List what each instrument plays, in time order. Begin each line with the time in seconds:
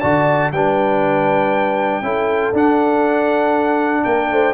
0.00 tuba D3, trombone F#4, horn D5, trumpet A5
0.52 tuba G3, trombone D4, horn B4, trumpet G5
2.02 tuba C#4, trombone E4, horn A4
2.53 tuba D4, trombone D4, trumpet F#5
4.04 tuba A#3, horn A#4, trumpet G5
4.31 tuba A3, horn C5